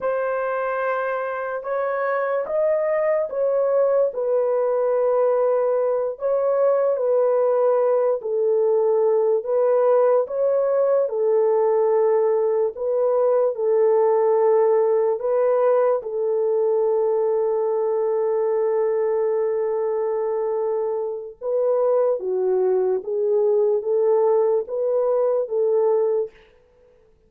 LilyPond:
\new Staff \with { instrumentName = "horn" } { \time 4/4 \tempo 4 = 73 c''2 cis''4 dis''4 | cis''4 b'2~ b'8 cis''8~ | cis''8 b'4. a'4. b'8~ | b'8 cis''4 a'2 b'8~ |
b'8 a'2 b'4 a'8~ | a'1~ | a'2 b'4 fis'4 | gis'4 a'4 b'4 a'4 | }